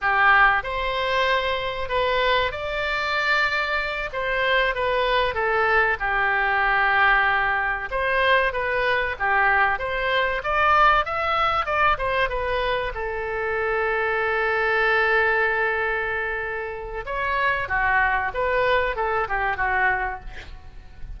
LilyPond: \new Staff \with { instrumentName = "oboe" } { \time 4/4 \tempo 4 = 95 g'4 c''2 b'4 | d''2~ d''8 c''4 b'8~ | b'8 a'4 g'2~ g'8~ | g'8 c''4 b'4 g'4 c''8~ |
c''8 d''4 e''4 d''8 c''8 b'8~ | b'8 a'2.~ a'8~ | a'2. cis''4 | fis'4 b'4 a'8 g'8 fis'4 | }